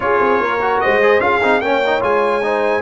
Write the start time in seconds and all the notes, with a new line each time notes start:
0.00 C#4 F4 G#4 C#5
0.20 C4
0.39 A#3 A#4
0.61 F#4
0.80 G#3 C5 D#5
1.02 G#4
1.19 C#4 F4 G#4 F5
1.41 C4 D#4
1.60 A#3 C#4 C#5 G5
1.86 D#4
2.00 G#3 F4 G#5
2.43 D#4 C5